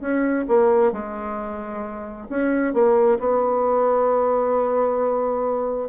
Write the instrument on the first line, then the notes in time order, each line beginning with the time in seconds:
bassoon
0.00 C#4
0.48 A#3
0.92 G#3
2.29 C#4
2.73 A#3
3.19 B3